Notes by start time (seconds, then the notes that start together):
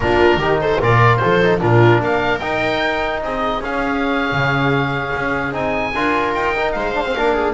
0.00 A#3 D4 F4 A#4
0.36 D#3 D#4 G4
0.61 A4 C5
0.80 A#2 F4 A#4 D5
1.17 A4 C5
1.24 F3
1.43 D#4
1.59 A#2 D4 F4 A#4
2.00 A#3 A#4 F5
2.39 D#4 G5
3.22 C4 G#4 D#5
3.61 C#4 F5
4.32 C#3
5.15 C#4
5.51 C4 D#4 G#5
5.94 D4 F4 A#4
6.34 D#4 G5
6.56 D#4
6.71 G#3 C5 F5
6.94 D4
7.05 C4
7.15 A#3 D4 A#4
7.33 G#4